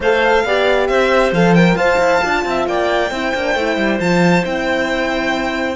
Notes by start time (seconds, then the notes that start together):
0.00 A3 A4 C5 F5
0.44 B3 G4 D5
0.87 C4 C5 E5
1.31 F3 A4 F5
1.55 A#4 G5
1.75 F4 C5 F5 A5
1.98 E4
2.21 D4 F4
2.44 C4 E5
2.66 A#3 D5 G5
3.10 C4 E4 C5
3.34 A#3 D4
3.54 A3 E4
3.77 G3
3.99 F3 F4 A5
4.43 C4 E4 G5